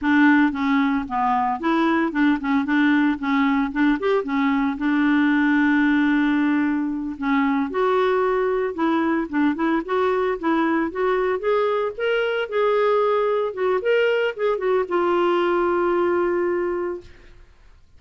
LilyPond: \new Staff \with { instrumentName = "clarinet" } { \time 4/4 \tempo 4 = 113 d'4 cis'4 b4 e'4 | d'8 cis'8 d'4 cis'4 d'8 g'8 | cis'4 d'2.~ | d'4. cis'4 fis'4.~ |
fis'8 e'4 d'8 e'8 fis'4 e'8~ | e'8 fis'4 gis'4 ais'4 gis'8~ | gis'4. fis'8 ais'4 gis'8 fis'8 | f'1 | }